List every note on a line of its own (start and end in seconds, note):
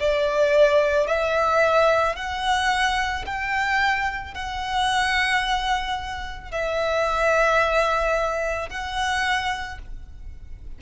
0.00 1.08 D5
1.08 2.17 E5
2.17 3.26 F#5
3.26 4.35 G5
4.35 6.52 F#5
6.52 8.70 E5
8.70 9.79 F#5